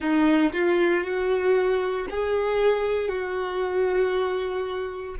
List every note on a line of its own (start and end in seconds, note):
0.00 0.52 D#4
0.53 1.03 F4
1.03 2.06 F#4
2.09 3.08 G#4
3.08 5.15 F#4